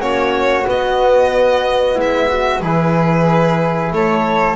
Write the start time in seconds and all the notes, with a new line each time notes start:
0.00 A#3 C#4 F#4 C#5
0.65 B3 D#5
1.95 G#3 E4 E5
2.28 F#4
2.61 E3 E4 G#4 B4
3.92 A3 A4 C#5